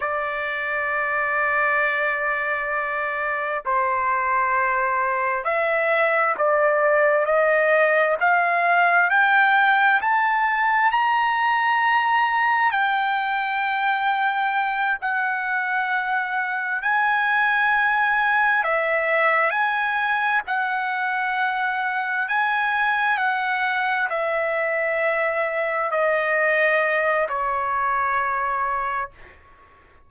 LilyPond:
\new Staff \with { instrumentName = "trumpet" } { \time 4/4 \tempo 4 = 66 d''1 | c''2 e''4 d''4 | dis''4 f''4 g''4 a''4 | ais''2 g''2~ |
g''8 fis''2 gis''4.~ | gis''8 e''4 gis''4 fis''4.~ | fis''8 gis''4 fis''4 e''4.~ | e''8 dis''4. cis''2 | }